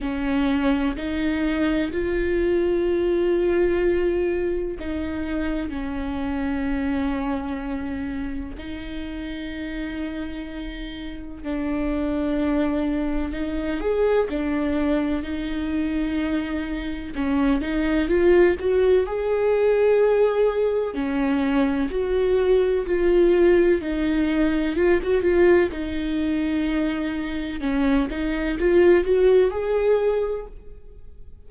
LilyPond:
\new Staff \with { instrumentName = "viola" } { \time 4/4 \tempo 4 = 63 cis'4 dis'4 f'2~ | f'4 dis'4 cis'2~ | cis'4 dis'2. | d'2 dis'8 gis'8 d'4 |
dis'2 cis'8 dis'8 f'8 fis'8 | gis'2 cis'4 fis'4 | f'4 dis'4 f'16 fis'16 f'8 dis'4~ | dis'4 cis'8 dis'8 f'8 fis'8 gis'4 | }